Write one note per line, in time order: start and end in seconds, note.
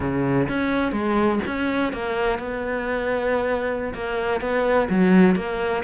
0.00 0.48 C#3
0.48 0.92 C#4
0.92 1.39 G#3
1.46 1.92 C#4
1.92 2.38 A#3
2.38 3.93 B3
3.94 4.40 A#3
4.40 4.88 B3
4.89 5.35 F#3
5.35 5.83 A#3